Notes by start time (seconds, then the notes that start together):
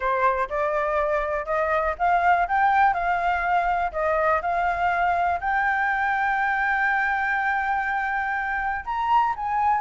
0.00 C5
0.49 D5
1.45 D#5
1.98 F5
2.47 G5
2.93 F5
3.91 D#5
4.41 F5
5.40 G5
8.85 A#5
9.36 G#5